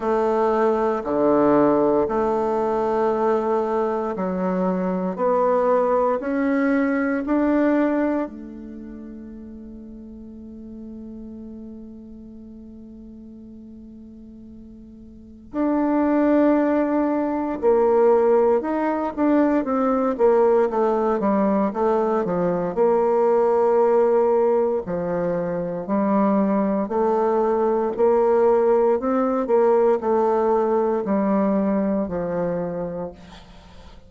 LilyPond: \new Staff \with { instrumentName = "bassoon" } { \time 4/4 \tempo 4 = 58 a4 d4 a2 | fis4 b4 cis'4 d'4 | a1~ | a2. d'4~ |
d'4 ais4 dis'8 d'8 c'8 ais8 | a8 g8 a8 f8 ais2 | f4 g4 a4 ais4 | c'8 ais8 a4 g4 f4 | }